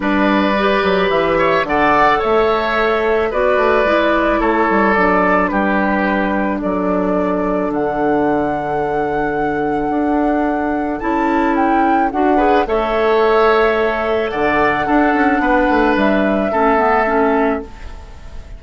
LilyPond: <<
  \new Staff \with { instrumentName = "flute" } { \time 4/4 \tempo 4 = 109 d''2 e''4 fis''4 | e''2 d''2 | cis''4 d''4 b'2 | d''2 fis''2~ |
fis''1 | a''4 g''4 fis''4 e''4~ | e''2 fis''2~ | fis''4 e''2. | }
  \new Staff \with { instrumentName = "oboe" } { \time 4/4 b'2~ b'8 cis''8 d''4 | cis''2 b'2 | a'2 g'2 | a'1~ |
a'1~ | a'2~ a'8 b'8 cis''4~ | cis''2 d''4 a'4 | b'2 a'2 | }
  \new Staff \with { instrumentName = "clarinet" } { \time 4/4 d'4 g'2 a'4~ | a'2 fis'4 e'4~ | e'4 d'2.~ | d'1~ |
d'1 | e'2 fis'8 gis'8 a'4~ | a'2. d'4~ | d'2 cis'8 b8 cis'4 | }
  \new Staff \with { instrumentName = "bassoon" } { \time 4/4 g4. fis8 e4 d4 | a2 b8 a8 gis4 | a8 g8 fis4 g2 | fis2 d2~ |
d2 d'2 | cis'2 d'4 a4~ | a2 d4 d'8 cis'8 | b8 a8 g4 a2 | }
>>